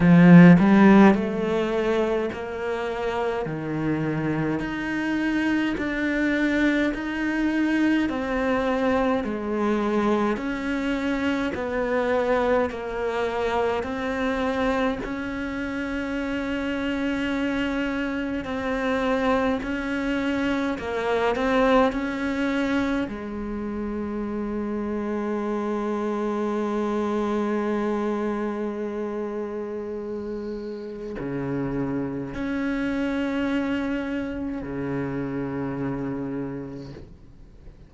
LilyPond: \new Staff \with { instrumentName = "cello" } { \time 4/4 \tempo 4 = 52 f8 g8 a4 ais4 dis4 | dis'4 d'4 dis'4 c'4 | gis4 cis'4 b4 ais4 | c'4 cis'2. |
c'4 cis'4 ais8 c'8 cis'4 | gis1~ | gis2. cis4 | cis'2 cis2 | }